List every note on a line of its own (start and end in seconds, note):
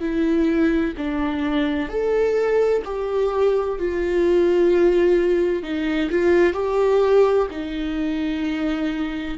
0.00 0.94 E4
0.97 1.89 D4
1.89 2.83 A4
2.85 3.79 G4
3.79 5.63 F4
5.63 6.10 D#4
6.10 6.53 F4
6.53 7.47 G4
7.50 9.38 D#4